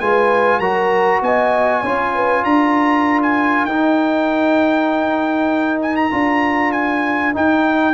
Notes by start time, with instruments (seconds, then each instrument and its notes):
0.00 tuba G#3, trombone F4, horn B4, trumpet G#5
0.59 tuba F#3, trombone F#4, horn A#4, trumpet A#5
1.22 tuba B3, horn D#5, trumpet G#5
1.82 tuba C#4, trombone F4, horn C#5
2.14 horn B4
2.44 tuba D4, horn A#4, trumpet A#5
3.22 trumpet G#5
3.65 tuba D#4, trombone D#4, trumpet G5
5.82 trumpet G#5
5.96 trumpet A#5
6.11 tuba D4, trombone F4
6.72 trumpet G#5
7.33 trombone D#4, tuba D#4, trumpet G5